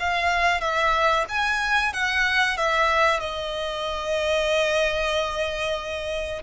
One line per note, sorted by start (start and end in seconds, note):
0.00 0.61 F5
0.61 1.26 E5
1.29 1.93 G#5
1.93 2.57 F#5
2.57 3.20 E5
3.20 6.43 D#5